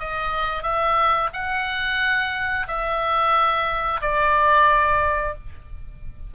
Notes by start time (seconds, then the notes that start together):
0.00 D#5
0.63 E5
1.34 F#5
2.68 E5
4.01 D5